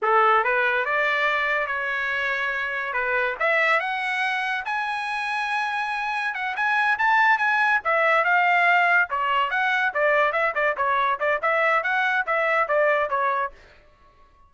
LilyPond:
\new Staff \with { instrumentName = "trumpet" } { \time 4/4 \tempo 4 = 142 a'4 b'4 d''2 | cis''2. b'4 | e''4 fis''2 gis''4~ | gis''2. fis''8 gis''8~ |
gis''8 a''4 gis''4 e''4 f''8~ | f''4. cis''4 fis''4 d''8~ | d''8 e''8 d''8 cis''4 d''8 e''4 | fis''4 e''4 d''4 cis''4 | }